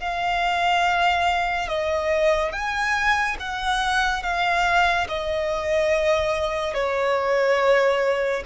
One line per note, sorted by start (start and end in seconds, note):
0.00 1.68 F5
1.68 2.52 D#5
2.52 3.37 G#5
3.40 4.23 F#5
4.23 5.07 F5
5.08 6.74 D#5
6.74 8.43 C#5